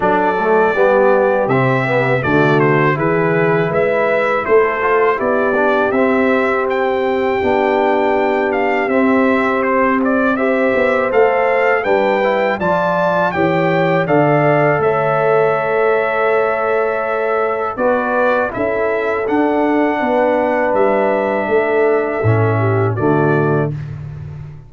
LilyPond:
<<
  \new Staff \with { instrumentName = "trumpet" } { \time 4/4 \tempo 4 = 81 d''2 e''4 d''8 c''8 | b'4 e''4 c''4 d''4 | e''4 g''2~ g''8 f''8 | e''4 c''8 d''8 e''4 f''4 |
g''4 a''4 g''4 f''4 | e''1 | d''4 e''4 fis''2 | e''2. d''4 | }
  \new Staff \with { instrumentName = "horn" } { \time 4/4 a'4 g'2 fis'4 | gis'4 b'4 a'4 g'4~ | g'1~ | g'2 c''2 |
b'4 d''4 cis''4 d''4 | cis''1 | b'4 a'2 b'4~ | b'4 a'4. g'8 fis'4 | }
  \new Staff \with { instrumentName = "trombone" } { \time 4/4 d'8 a8 b4 c'8 b8 a4 | e'2~ e'8 f'8 e'8 d'8 | c'2 d'2 | c'2 g'4 a'4 |
d'8 e'8 f'4 g'4 a'4~ | a'1 | fis'4 e'4 d'2~ | d'2 cis'4 a4 | }
  \new Staff \with { instrumentName = "tuba" } { \time 4/4 fis4 g4 c4 d4 | e4 gis4 a4 b4 | c'2 b2 | c'2~ c'8 b8 a4 |
g4 f4 e4 d4 | a1 | b4 cis'4 d'4 b4 | g4 a4 a,4 d4 | }
>>